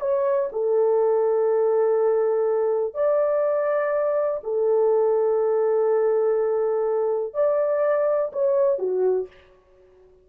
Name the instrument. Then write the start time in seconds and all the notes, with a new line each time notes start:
horn
0.00 C#5
0.52 A4
2.94 D5
4.43 A4
7.33 D5
8.32 C#5
8.78 F#4